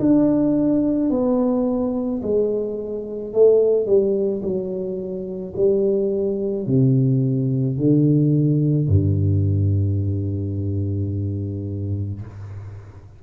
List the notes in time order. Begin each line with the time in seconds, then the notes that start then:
0.00 D4
1.11 B3
2.23 G#3
3.33 A3
3.86 G3
4.42 F#3
5.56 G3
6.67 C3
7.78 D3
8.88 G2